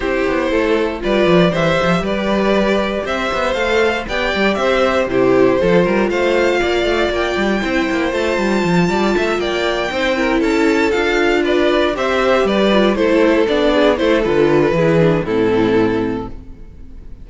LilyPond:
<<
  \new Staff \with { instrumentName = "violin" } { \time 4/4 \tempo 4 = 118 c''2 d''4 e''4 | d''2 e''4 f''4 | g''4 e''4 c''2 | f''2 g''2 |
a''2~ a''8 g''4.~ | g''8 a''4 f''4 d''4 e''8~ | e''8 d''4 c''4 d''4 c''8 | b'2 a'2 | }
  \new Staff \with { instrumentName = "violin" } { \time 4/4 g'4 a'4 b'4 c''4 | b'2 c''2 | d''4 c''4 g'4 a'8 ais'8 | c''4 d''2 c''4~ |
c''4. d''8 e''8 d''4 c''8 | ais'8 a'2 b'4 c''8~ | c''8 b'4 a'4. gis'8 a'8~ | a'4 gis'4 e'2 | }
  \new Staff \with { instrumentName = "viola" } { \time 4/4 e'2 f'4 g'4~ | g'2. a'4 | g'2 e'4 f'4~ | f'2. e'4 |
f'2.~ f'8 dis'8 | e'4. f'2 g'8~ | g'4 f'8 e'4 d'4 e'8 | f'4 e'8 d'8 c'2 | }
  \new Staff \with { instrumentName = "cello" } { \time 4/4 c'8 b8 a4 g8 f8 e8 f8 | g2 c'8 b8 a4 | b8 g8 c'4 c4 f8 g8 | a4 ais8 a8 ais8 g8 c'8 ais8 |
a8 g8 f8 g8 a8 ais4 c'8~ | c'8 cis'4 d'2 c'8~ | c'8 g4 a4 b4 a8 | d4 e4 a,2 | }
>>